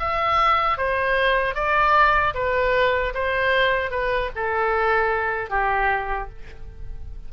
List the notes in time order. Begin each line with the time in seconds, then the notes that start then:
0.00 E5
0.78 C5
1.55 D5
2.35 B4
3.14 C5
3.91 B4
4.36 A4
5.50 G4